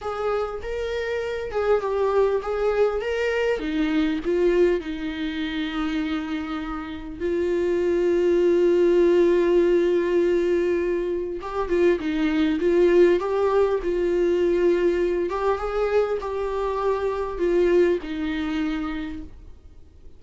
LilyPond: \new Staff \with { instrumentName = "viola" } { \time 4/4 \tempo 4 = 100 gis'4 ais'4. gis'8 g'4 | gis'4 ais'4 dis'4 f'4 | dis'1 | f'1~ |
f'2. g'8 f'8 | dis'4 f'4 g'4 f'4~ | f'4. g'8 gis'4 g'4~ | g'4 f'4 dis'2 | }